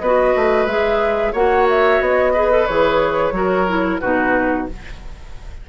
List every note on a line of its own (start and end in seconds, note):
0.00 0.35 B3
0.00 0.69 F#4
0.00 1.33 B4
0.00 0.66 D#5
0.36 0.66 A3
0.66 1.33 G#3
0.66 1.35 G#4
0.66 1.33 E5
1.33 2.01 A#3
1.33 2.35 F#4
1.33 2.33 C#5
1.33 1.67 F#5
1.70 2.02 E5
2.01 2.67 B3
2.01 2.67 D#5
2.34 2.51 G#4
2.34 3.34 B4
2.51 2.68 A4
2.67 3.32 E3
2.67 3.34 G#4
2.67 4.00 C#5
3.32 3.99 F#3
3.32 3.67 F#4
3.32 4.01 A#4
3.68 4.01 E4
4.00 4.70 B2
4.00 4.69 D#4
4.00 4.68 F#4
4.00 4.67 B4